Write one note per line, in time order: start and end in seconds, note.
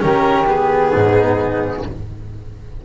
0.00 0.94 D#3
0.00 0.45 C#4
0.00 0.92 G4
0.00 0.47 A#4
0.47 1.83 B3
0.47 1.85 G#4
0.92 1.85 G#2
0.92 1.83 D#4